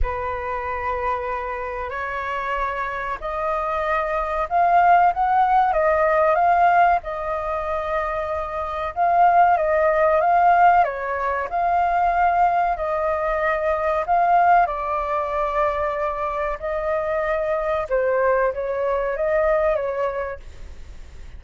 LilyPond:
\new Staff \with { instrumentName = "flute" } { \time 4/4 \tempo 4 = 94 b'2. cis''4~ | cis''4 dis''2 f''4 | fis''4 dis''4 f''4 dis''4~ | dis''2 f''4 dis''4 |
f''4 cis''4 f''2 | dis''2 f''4 d''4~ | d''2 dis''2 | c''4 cis''4 dis''4 cis''4 | }